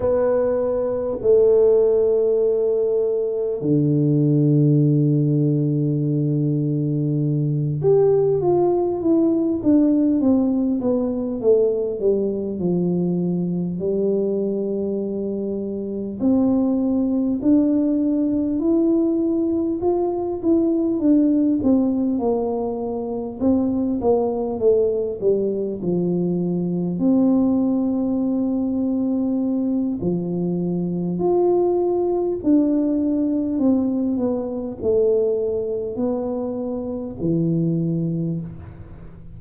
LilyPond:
\new Staff \with { instrumentName = "tuba" } { \time 4/4 \tempo 4 = 50 b4 a2 d4~ | d2~ d8 g'8 f'8 e'8 | d'8 c'8 b8 a8 g8 f4 g8~ | g4. c'4 d'4 e'8~ |
e'8 f'8 e'8 d'8 c'8 ais4 c'8 | ais8 a8 g8 f4 c'4.~ | c'4 f4 f'4 d'4 | c'8 b8 a4 b4 e4 | }